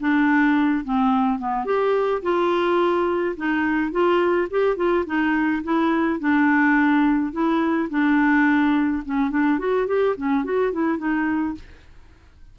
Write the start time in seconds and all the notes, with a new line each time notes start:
0.00 D4
0.84 C4
1.38 B3
1.65 G4
2.22 F4
3.37 D#4
3.91 F4
4.50 G4
4.77 F4
5.06 D#4
5.63 E4
6.20 D4
7.32 E4
7.90 D4
9.05 C#4
9.30 D4
9.59 F#4
9.87 G4
10.17 C#4
10.44 F#4
10.72 E4
10.98 D#4